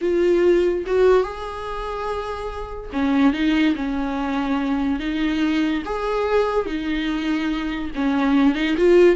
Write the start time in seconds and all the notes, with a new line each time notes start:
0.01 F4
0.86 F#4
1.23 G#4
2.92 C#4
3.33 D#4
3.75 C#4
4.99 D#4
5.85 G#4
6.66 D#4
7.95 C#4
8.55 D#4
8.77 F4